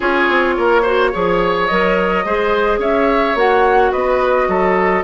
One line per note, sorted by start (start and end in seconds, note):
0.00 0.28 C#4
0.00 0.83 F4
0.00 0.54 G#4
0.00 1.66 C#5
0.28 0.56 C4
0.57 1.13 A#3
0.57 0.81 A#4
0.81 1.12 F#4
0.81 1.09 C5
1.12 1.70 F3
1.12 1.68 G#4
1.12 2.25 C#5
1.66 2.24 F#3
1.66 2.25 A#4
1.66 2.78 D#5
2.24 2.78 G#3
2.24 3.36 G#4
2.24 2.79 C5
2.78 3.34 C#4
2.78 3.91 C#5
2.78 3.37 E5
3.35 3.91 A#3
3.35 5.03 F#4
3.35 3.91 F#5
3.91 4.48 B3
3.91 4.47 B4
3.91 5.03 D#5
4.48 5.03 F#3
4.48 5.03 A4